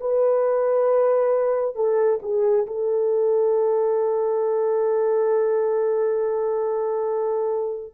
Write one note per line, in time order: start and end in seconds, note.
0.00 1.75 B4
1.75 2.19 A4
2.22 2.66 G#4
2.66 7.93 A4